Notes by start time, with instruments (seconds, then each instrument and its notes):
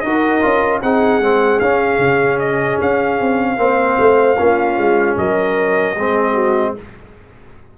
0.00 tuba D#4, trombone F#4, trumpet D#5
0.06 horn A#4
0.41 tuba C#4, trombone F4
0.82 tuba C4, trombone D#4, horn G#4, trumpet F#5
1.20 tuba G#3, trombone C4
1.60 tuba C#4, trombone C#4, trumpet F5
1.98 tuba C#3
2.39 trumpet D#5
2.81 tuba C#4, trumpet F5
3.20 tuba C4
3.57 tuba A#3, trombone C4, horn C5
3.99 tuba A3
4.38 tuba A#3, trombone C#4, horn F4
4.77 tuba G#3
5.17 tuba F#3, horn A#4, trumpet D#5
5.96 tuba G#3, trombone C4, horn G#4
6.33 horn F#4